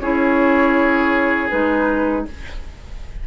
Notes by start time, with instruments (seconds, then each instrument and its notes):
0.00 bassoon C#4, clarinet E4, oboe G#4, flute C#5
1.50 bassoon G#3, clarinet D#4, flute B4